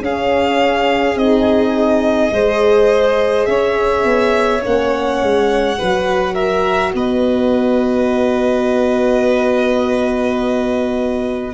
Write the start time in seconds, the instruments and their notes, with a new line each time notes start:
0.00 tuba C#4, horn C#4, violin G#4 F5
1.15 tuba C4, horn D#4, violin D#5
2.31 tuba G#3, horn G#4, violin C5
3.46 tuba C#4, violin C#5 E5
4.04 tuba B3
4.61 tuba A#3, horn C#4, violin F#5
5.21 tuba G#3
5.77 tuba F#3, horn F#4, violin B4
6.34 violin A#4 E5
6.94 tuba B3, violin B4 D#5